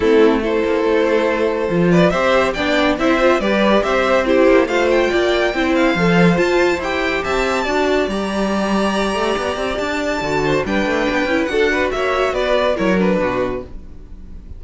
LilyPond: <<
  \new Staff \with { instrumentName = "violin" } { \time 4/4 \tempo 4 = 141 a'4 c''2.~ | c''8 d''8 e''4 g''4 e''4 | d''4 e''4 c''4 f''8 g''8~ | g''4. f''4. a''4 |
g''4 a''2 ais''4~ | ais''2. a''4~ | a''4 g''2 fis''4 | e''4 d''4 cis''8 b'4. | }
  \new Staff \with { instrumentName = "violin" } { \time 4/4 e'4 a'2.~ | a'8 b'8 c''4 d''4 c''4 | b'4 c''4 g'4 c''4 | d''4 c''2.~ |
c''4 e''4 d''2~ | d''1~ | d''8 c''8 b'2 a'8 b'8 | cis''4 b'4 ais'4 fis'4 | }
  \new Staff \with { instrumentName = "viola" } { \time 4/4 c'4 e'2. | f'4 g'4 d'4 e'8 f'8 | g'2 e'4 f'4~ | f'4 e'4 a'4 f'4 |
g'2 fis'4 g'4~ | g'1 | fis'4 d'4. e'8 fis'4~ | fis'2 e'8 d'4. | }
  \new Staff \with { instrumentName = "cello" } { \time 4/4 a4. ais8 a2 | f4 c'4 b4 c'4 | g4 c'4. ais8 a4 | ais4 c'4 f4 f'4 |
e'4 c'4 d'4 g4~ | g4. a8 b8 c'8 d'4 | d4 g8 a8 b8 cis'8 d'4 | ais4 b4 fis4 b,4 | }
>>